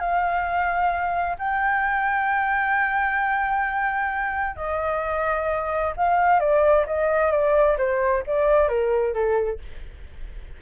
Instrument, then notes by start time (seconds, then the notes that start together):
flute
0.00 F5
1.39 G5
4.56 D#5
5.97 F5
6.40 D5
6.87 D#5
7.31 D5
7.78 C5
8.27 D5
8.68 A#4
9.14 A4